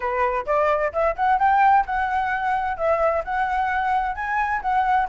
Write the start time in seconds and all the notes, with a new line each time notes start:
0.00 B4
0.46 D5
0.92 E5
1.16 F#5
1.38 G5
1.85 F#5
2.77 E5
3.24 F#5
4.15 G#5
4.61 F#5